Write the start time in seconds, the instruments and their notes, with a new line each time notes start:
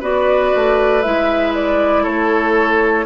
0.00 bassoon B3, clarinet F#4, oboe B4, flute D5
0.55 bassoon A3
1.02 bassoon G#3, clarinet E4, flute E5
1.55 flute D5
2.03 bassoon A3, oboe A4, flute C#5